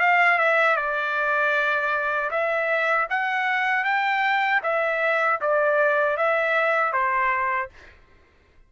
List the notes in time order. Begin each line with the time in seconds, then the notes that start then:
0.00 F5
0.38 E5
0.77 D5
2.31 E5
3.10 F#5
3.85 G5
4.63 E5
5.42 D5
6.17 E5
6.93 C5